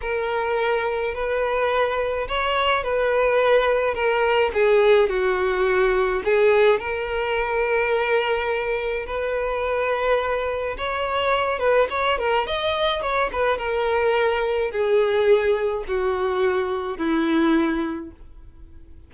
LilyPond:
\new Staff \with { instrumentName = "violin" } { \time 4/4 \tempo 4 = 106 ais'2 b'2 | cis''4 b'2 ais'4 | gis'4 fis'2 gis'4 | ais'1 |
b'2. cis''4~ | cis''8 b'8 cis''8 ais'8 dis''4 cis''8 b'8 | ais'2 gis'2 | fis'2 e'2 | }